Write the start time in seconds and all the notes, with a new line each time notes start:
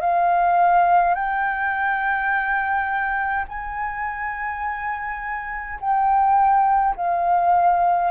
0.00 F5
1.14 G5
3.48 G#5
5.80 G5
6.96 F5